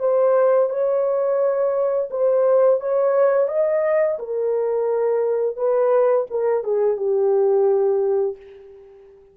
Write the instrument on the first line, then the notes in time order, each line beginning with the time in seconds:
horn
0.00 C5
0.70 C#5
2.11 C5
2.81 C#5
3.49 D#5
4.19 A#4
5.57 B4
6.30 A#4
6.64 G#4
6.97 G4